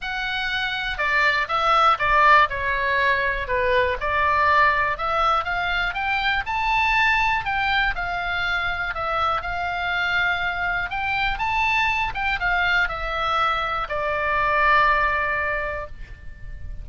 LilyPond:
\new Staff \with { instrumentName = "oboe" } { \time 4/4 \tempo 4 = 121 fis''2 d''4 e''4 | d''4 cis''2 b'4 | d''2 e''4 f''4 | g''4 a''2 g''4 |
f''2 e''4 f''4~ | f''2 g''4 a''4~ | a''8 g''8 f''4 e''2 | d''1 | }